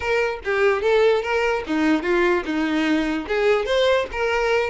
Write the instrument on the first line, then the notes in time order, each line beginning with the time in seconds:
violin
0.00 A#4
0.44 G4
0.82 A4
1.22 A#4
1.67 D#4
2.02 F4
2.45 D#4
3.28 G#4
3.65 C5
4.12 A#4